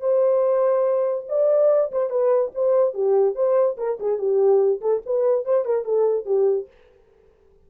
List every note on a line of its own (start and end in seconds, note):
0.00 1.25 C5
1.29 1.91 D5
1.92 2.10 C5
2.10 2.51 B4
2.54 2.94 C5
2.94 3.35 G4
3.35 3.77 C5
3.77 3.98 A#4
3.99 4.18 G#4
4.18 4.81 G4
4.81 5.02 A4
5.06 5.45 B4
5.45 5.65 C5
5.65 5.85 A#4
5.85 6.25 A4
6.25 6.67 G4